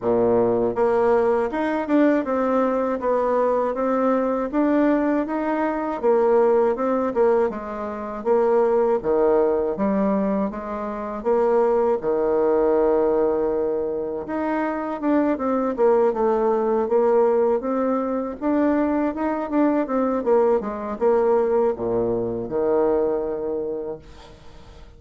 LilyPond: \new Staff \with { instrumentName = "bassoon" } { \time 4/4 \tempo 4 = 80 ais,4 ais4 dis'8 d'8 c'4 | b4 c'4 d'4 dis'4 | ais4 c'8 ais8 gis4 ais4 | dis4 g4 gis4 ais4 |
dis2. dis'4 | d'8 c'8 ais8 a4 ais4 c'8~ | c'8 d'4 dis'8 d'8 c'8 ais8 gis8 | ais4 ais,4 dis2 | }